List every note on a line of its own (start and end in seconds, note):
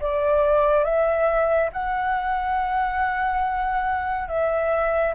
0.00 0.84 D5
0.84 1.70 E5
1.73 4.28 F#5
4.28 5.14 E5